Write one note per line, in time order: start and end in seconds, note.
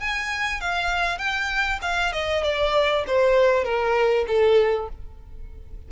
0.00 0.61 G#5
0.61 1.18 F5
1.18 1.79 G5
1.82 2.13 F5
2.13 2.44 D#5
2.44 3.05 D5
3.07 3.65 C5
3.65 4.26 A#4
4.27 4.89 A4